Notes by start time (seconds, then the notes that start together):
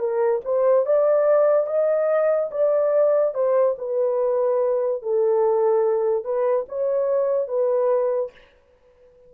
0.00 A#4
0.45 C5
0.86 D5
1.67 D#5
2.51 D5
3.34 C5
3.78 B4
5.03 A4
6.25 B4
6.69 C#5
7.48 B4